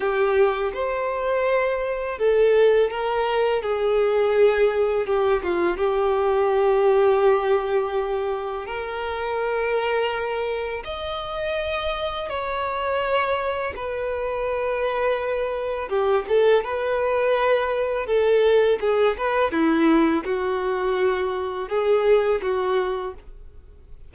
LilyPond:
\new Staff \with { instrumentName = "violin" } { \time 4/4 \tempo 4 = 83 g'4 c''2 a'4 | ais'4 gis'2 g'8 f'8 | g'1 | ais'2. dis''4~ |
dis''4 cis''2 b'4~ | b'2 g'8 a'8 b'4~ | b'4 a'4 gis'8 b'8 e'4 | fis'2 gis'4 fis'4 | }